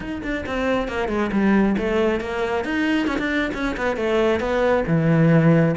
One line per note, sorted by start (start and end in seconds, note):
0.00 0.22 D#4
0.22 0.44 D4
0.46 0.88 C4
0.88 1.08 A#3
1.08 1.30 G#3
1.32 1.76 G3
1.77 2.20 A3
2.20 2.64 A#3
2.64 3.07 D#4
3.07 3.18 C#4
3.18 3.51 D4
3.54 3.76 C#4
3.76 3.96 B3
3.96 4.40 A3
4.40 4.84 B3
4.87 5.75 E3